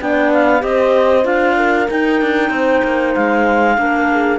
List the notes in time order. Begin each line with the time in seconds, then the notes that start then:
0.00 B3 D4 D5 G5
0.33 F5
0.60 C4 G4 C5 D#5
1.23 D4 F4 F5
1.56 A#4
1.88 D#4 G5
2.22 D4
2.50 C4 C5
2.84 A#3
3.15 G#3 F5
3.77 A#3 D4 A#4
4.12 G#4